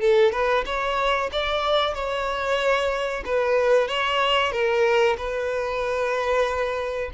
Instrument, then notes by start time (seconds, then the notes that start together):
violin
0.00 A4
0.32 B4
0.65 C#5
1.32 D5
1.94 C#5
3.25 B4
3.88 C#5
4.52 A#4
5.17 B4